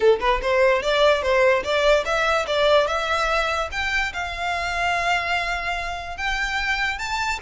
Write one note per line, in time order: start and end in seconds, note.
0.00 0.19 A4
0.20 0.40 B4
0.42 0.82 C5
0.82 1.22 D5
1.22 1.63 C5
1.63 2.04 D5
2.05 2.46 E5
2.46 2.87 D5
2.87 3.69 E5
3.71 4.12 G5
4.13 6.17 F5
6.17 6.98 G5
6.98 7.39 A5